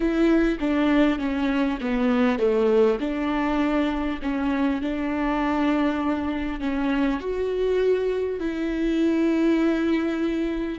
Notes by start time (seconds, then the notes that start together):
0.00 E4
0.60 D4
1.18 C#4
1.81 B3
2.38 A3
2.99 D4
4.22 C#4
4.81 D4
6.59 C#4
7.20 F#4
8.39 E4